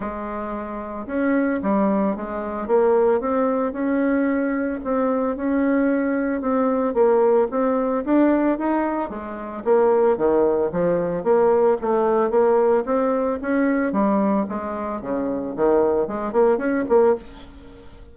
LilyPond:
\new Staff \with { instrumentName = "bassoon" } { \time 4/4 \tempo 4 = 112 gis2 cis'4 g4 | gis4 ais4 c'4 cis'4~ | cis'4 c'4 cis'2 | c'4 ais4 c'4 d'4 |
dis'4 gis4 ais4 dis4 | f4 ais4 a4 ais4 | c'4 cis'4 g4 gis4 | cis4 dis4 gis8 ais8 cis'8 ais8 | }